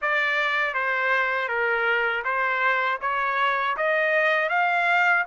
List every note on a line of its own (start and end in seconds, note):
0.01 0.74 D5
0.74 1.48 C5
1.48 2.23 A#4
2.24 2.99 C5
3.01 3.76 C#5
3.76 4.49 D#5
4.49 5.24 F5